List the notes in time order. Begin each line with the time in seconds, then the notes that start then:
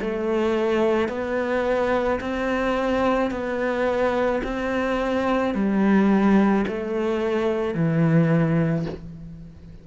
0.00 A3
1.08 B3
2.20 C4
3.30 B3
4.43 C4
5.54 G3
6.67 A3
7.74 E3